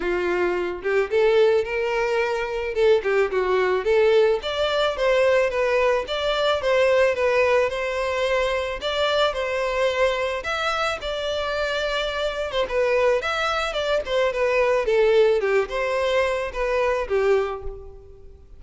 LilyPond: \new Staff \with { instrumentName = "violin" } { \time 4/4 \tempo 4 = 109 f'4. g'8 a'4 ais'4~ | ais'4 a'8 g'8 fis'4 a'4 | d''4 c''4 b'4 d''4 | c''4 b'4 c''2 |
d''4 c''2 e''4 | d''2~ d''8. c''16 b'4 | e''4 d''8 c''8 b'4 a'4 | g'8 c''4. b'4 g'4 | }